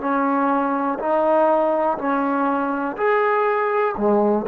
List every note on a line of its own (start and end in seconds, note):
0.00 0.98 C#4
1.00 1.98 D#4
1.99 2.97 C#4
2.97 3.96 G#4
3.97 4.47 G#3